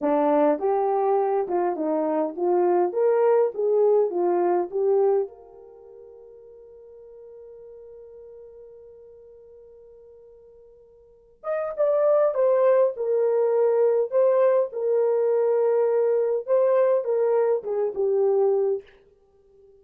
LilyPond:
\new Staff \with { instrumentName = "horn" } { \time 4/4 \tempo 4 = 102 d'4 g'4. f'8 dis'4 | f'4 ais'4 gis'4 f'4 | g'4 ais'2.~ | ais'1~ |
ais'2.~ ais'8 dis''8 | d''4 c''4 ais'2 | c''4 ais'2. | c''4 ais'4 gis'8 g'4. | }